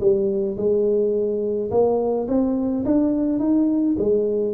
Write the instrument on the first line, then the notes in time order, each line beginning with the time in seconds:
tuba
0.00 G3
0.57 G#3
1.70 A#3
2.27 C4
2.85 D4
3.39 D#4
3.98 G#3